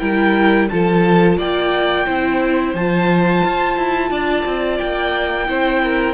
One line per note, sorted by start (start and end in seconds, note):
0.00 0.70 G3
0.00 0.69 E4
0.00 0.69 A#4
0.00 0.68 G5
0.70 1.38 F3
0.70 2.07 F4
0.70 1.39 A4
0.70 1.38 A5
1.38 2.06 A#3
1.38 2.05 D5
1.38 2.75 G5
2.05 2.74 C4
2.05 2.75 E4
2.05 4.10 C5
2.74 3.43 F3
2.74 5.47 F4
2.74 4.78 A5
3.45 3.77 F4
3.77 4.11 E4
4.11 4.45 D4
4.11 5.48 D5
4.46 4.80 C4
4.78 5.49 A#3
4.78 6.15 G5
5.47 6.15 C4
5.47 6.15 E4
5.47 5.82 C5
5.84 6.15 A#4